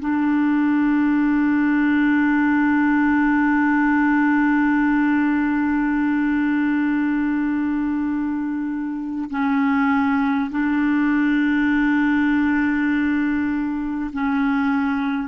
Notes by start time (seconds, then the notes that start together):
0.00 D4
9.30 C#4
10.51 D4
14.13 C#4